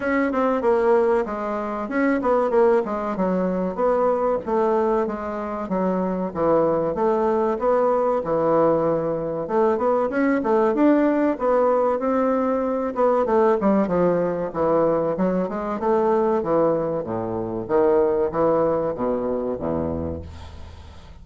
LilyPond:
\new Staff \with { instrumentName = "bassoon" } { \time 4/4 \tempo 4 = 95 cis'8 c'8 ais4 gis4 cis'8 b8 | ais8 gis8 fis4 b4 a4 | gis4 fis4 e4 a4 | b4 e2 a8 b8 |
cis'8 a8 d'4 b4 c'4~ | c'8 b8 a8 g8 f4 e4 | fis8 gis8 a4 e4 a,4 | dis4 e4 b,4 e,4 | }